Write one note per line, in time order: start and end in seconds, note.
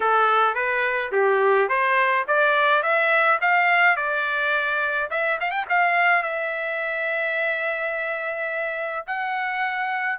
0.00 0.55 A4
0.55 1.11 B4
1.12 1.68 G4
1.68 2.25 C5
2.27 2.82 D5
2.82 3.39 E5
3.41 3.96 F5
3.96 5.09 D5
5.10 5.39 E5
5.40 5.51 F5
5.51 5.65 G5
5.69 6.22 F5
6.22 9.05 E5
9.06 10.19 F#5